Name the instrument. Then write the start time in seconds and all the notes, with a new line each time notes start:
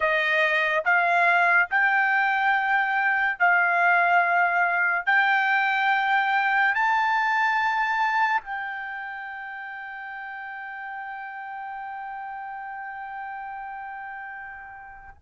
trumpet
0.00 D#5
0.85 F5
1.70 G5
3.39 F5
5.06 G5
6.74 A5
8.40 G5